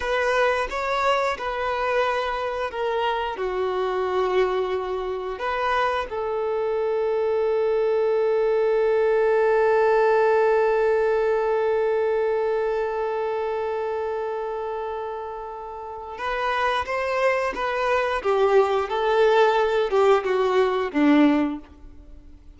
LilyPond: \new Staff \with { instrumentName = "violin" } { \time 4/4 \tempo 4 = 89 b'4 cis''4 b'2 | ais'4 fis'2. | b'4 a'2.~ | a'1~ |
a'1~ | a'1 | b'4 c''4 b'4 g'4 | a'4. g'8 fis'4 d'4 | }